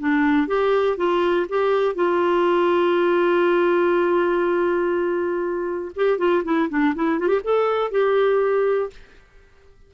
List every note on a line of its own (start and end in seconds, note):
0.00 0.48 D4
0.48 0.98 G4
0.98 1.47 F4
1.50 1.95 G4
1.95 5.92 F4
5.96 6.18 G4
6.18 6.43 F4
6.44 6.69 E4
6.70 6.95 D4
6.96 7.20 E4
7.20 7.28 F4
7.28 7.40 G4
7.44 7.92 A4
7.92 8.91 G4